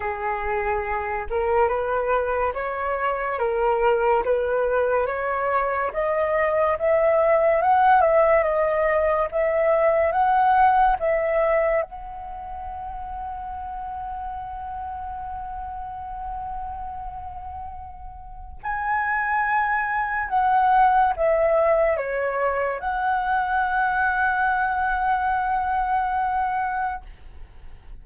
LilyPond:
\new Staff \with { instrumentName = "flute" } { \time 4/4 \tempo 4 = 71 gis'4. ais'8 b'4 cis''4 | ais'4 b'4 cis''4 dis''4 | e''4 fis''8 e''8 dis''4 e''4 | fis''4 e''4 fis''2~ |
fis''1~ | fis''2 gis''2 | fis''4 e''4 cis''4 fis''4~ | fis''1 | }